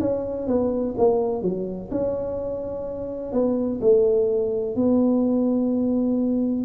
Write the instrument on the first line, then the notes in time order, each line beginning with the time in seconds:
tuba
0.00 C#4
0.47 B3
0.98 A#3
1.42 F#3
1.91 C#4
3.32 B3
3.81 A3
4.76 B3